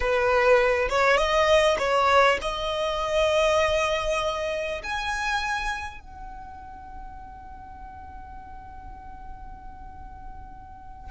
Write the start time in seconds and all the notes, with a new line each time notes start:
0.00 B4
0.89 C#5
1.17 D#5
1.78 C#5
2.41 D#5
4.83 G#5
6.00 F#5